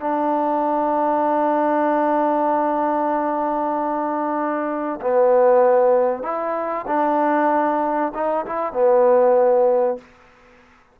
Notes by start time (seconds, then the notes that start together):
0.00 D4
5.01 B3
6.23 E4
6.88 D4
8.15 D#4
8.46 E4
8.73 B3